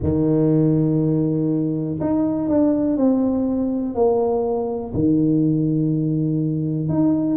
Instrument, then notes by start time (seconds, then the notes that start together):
tuba
0.03 D#3
2.00 D#4
2.48 D4
2.96 C4
3.94 A#3
4.94 D#3
6.89 D#4